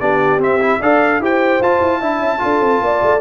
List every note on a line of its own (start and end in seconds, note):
0.00 0.38 B3
0.00 0.40 D4
0.00 0.79 G4
0.00 0.40 D5
0.38 0.78 C4
0.38 0.60 C4
0.38 0.82 E5
0.60 0.80 E4
0.79 1.20 D4
0.79 1.21 A4
0.79 1.19 D5
0.79 1.22 F5
1.20 1.60 E4
1.20 1.61 G4
1.20 1.99 C5
1.20 1.62 G5
1.60 1.81 F4
1.60 2.02 F4
1.60 3.21 A5
1.81 2.01 E4
1.99 2.19 D4
1.99 2.39 E4
1.99 2.40 E5
2.19 2.39 C#4
2.39 2.60 D4
2.39 3.20 F4
2.39 2.84 A4
2.60 2.80 C4
2.81 3.01 A#3
2.81 3.21 D5
3.03 3.21 A3